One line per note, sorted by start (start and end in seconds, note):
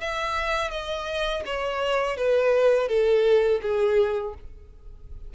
0.00 0.71 E5
0.71 1.43 D#5
1.45 2.17 C#5
2.17 2.88 B4
2.88 3.60 A4
3.61 4.34 G#4